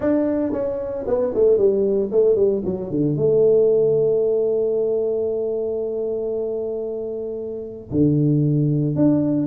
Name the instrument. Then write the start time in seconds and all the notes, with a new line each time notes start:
tuba
0.00 D4
0.52 C#4
1.07 B3
1.34 A3
1.57 G3
2.11 A3
2.35 G3
2.64 F#3
2.90 D3
3.16 A3
7.91 D3
8.95 D4